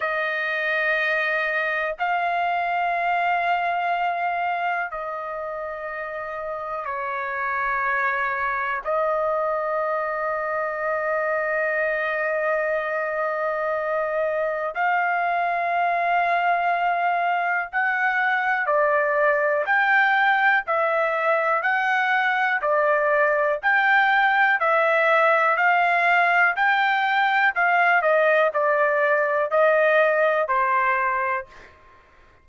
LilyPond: \new Staff \with { instrumentName = "trumpet" } { \time 4/4 \tempo 4 = 61 dis''2 f''2~ | f''4 dis''2 cis''4~ | cis''4 dis''2.~ | dis''2. f''4~ |
f''2 fis''4 d''4 | g''4 e''4 fis''4 d''4 | g''4 e''4 f''4 g''4 | f''8 dis''8 d''4 dis''4 c''4 | }